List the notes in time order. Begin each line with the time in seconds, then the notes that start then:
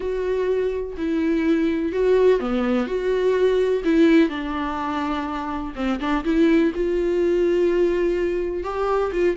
0.00 F#4
0.97 E4
1.92 F#4
2.40 B3
2.86 F#4
3.84 E4
4.29 D4
5.75 C4
6.00 D4
6.24 E4
6.74 F4
8.63 G4
9.12 F4